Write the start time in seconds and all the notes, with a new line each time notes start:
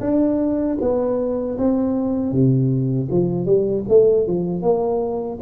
0.00 D4
0.80 B3
1.58 C4
2.31 C3
3.10 F3
3.45 G3
3.88 A3
4.27 F3
4.62 A#3